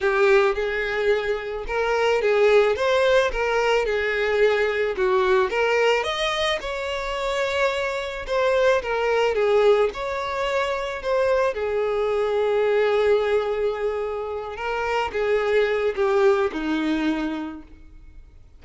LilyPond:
\new Staff \with { instrumentName = "violin" } { \time 4/4 \tempo 4 = 109 g'4 gis'2 ais'4 | gis'4 c''4 ais'4 gis'4~ | gis'4 fis'4 ais'4 dis''4 | cis''2. c''4 |
ais'4 gis'4 cis''2 | c''4 gis'2.~ | gis'2~ gis'8 ais'4 gis'8~ | gis'4 g'4 dis'2 | }